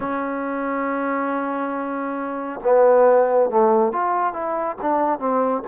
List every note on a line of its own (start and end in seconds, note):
0.00 2.59 C#4
2.63 3.50 B3
3.50 3.92 A3
3.92 4.33 F4
4.33 4.76 E4
4.81 5.19 D4
5.19 5.62 C4